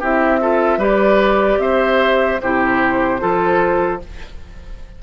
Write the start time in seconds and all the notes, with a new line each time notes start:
0.00 C4 E4 G4 E5
0.41 F4 A4
0.78 G3 G4 B4 D5
1.58 C4 C5 E5
2.41 C3 E4 G4 C5
3.19 F3 F4 A4